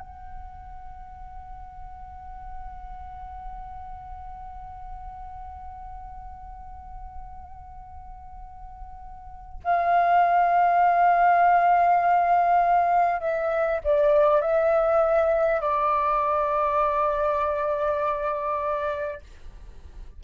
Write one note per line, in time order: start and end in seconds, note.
0.00 9.60 F#5
9.64 13.21 F5
13.21 13.81 E5
13.84 14.42 D5
14.42 15.61 E5
15.61 19.21 D5